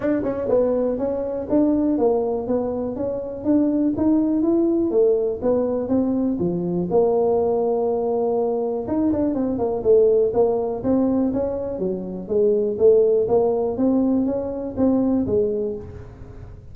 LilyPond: \new Staff \with { instrumentName = "tuba" } { \time 4/4 \tempo 4 = 122 d'8 cis'8 b4 cis'4 d'4 | ais4 b4 cis'4 d'4 | dis'4 e'4 a4 b4 | c'4 f4 ais2~ |
ais2 dis'8 d'8 c'8 ais8 | a4 ais4 c'4 cis'4 | fis4 gis4 a4 ais4 | c'4 cis'4 c'4 gis4 | }